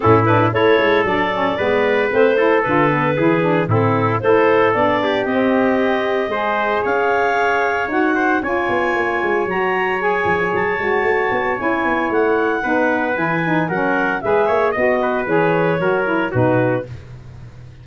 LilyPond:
<<
  \new Staff \with { instrumentName = "clarinet" } { \time 4/4 \tempo 4 = 114 a'8 b'8 cis''4 d''2 | c''4 b'2 a'4 | c''4 d''4 dis''2~ | dis''4 f''2 fis''4 |
gis''2 ais''4 gis''4 | a''2 gis''4 fis''4~ | fis''4 gis''4 fis''4 e''4 | dis''4 cis''2 b'4 | }
  \new Staff \with { instrumentName = "trumpet" } { \time 4/4 e'4 a'2 b'4~ | b'8 a'4. gis'4 e'4 | a'4. g'2~ g'8 | c''4 cis''2~ cis''8 c''8 |
cis''1~ | cis''1 | b'2 ais'4 b'8 cis''8 | dis''8 b'4. ais'4 fis'4 | }
  \new Staff \with { instrumentName = "saxophone" } { \time 4/4 cis'8 d'8 e'4 d'8 cis'8 b4 | c'8 e'8 f'8 b8 e'8 d'8 c'4 | e'4 d'4 c'2 | gis'2. fis'4 |
f'2 fis'4 gis'4~ | gis'8 fis'4. e'2 | dis'4 e'8 dis'8 cis'4 gis'4 | fis'4 gis'4 fis'8 e'8 dis'4 | }
  \new Staff \with { instrumentName = "tuba" } { \time 4/4 a,4 a8 gis8 fis4 gis4 | a4 d4 e4 a,4 | a4 b4 c'2 | gis4 cis'2 dis'4 |
cis'8 b8 ais8 gis8 fis4. f8 | fis8 gis8 a8 b8 cis'8 b8 a4 | b4 e4 fis4 gis8 ais8 | b4 e4 fis4 b,4 | }
>>